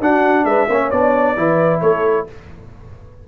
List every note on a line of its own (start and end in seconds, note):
0.00 0.44 D4
0.00 0.70 D4
0.00 0.46 F#4
0.00 0.45 F#5
0.44 0.67 G#3
0.44 0.68 B4
0.44 0.90 E5
0.69 0.91 A#3
0.69 0.93 C#4
0.69 1.37 C#5
0.90 1.37 B3
0.90 1.36 D4
0.90 1.81 D5
1.36 1.82 E3
1.36 2.27 E4
1.36 1.82 B4
1.81 2.27 A3
1.81 2.28 A4
1.81 2.26 C#5